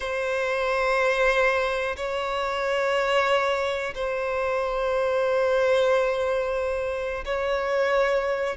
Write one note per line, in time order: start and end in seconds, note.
0.00 1.96 C5
1.96 3.94 C#5
3.94 7.24 C5
7.25 8.57 C#5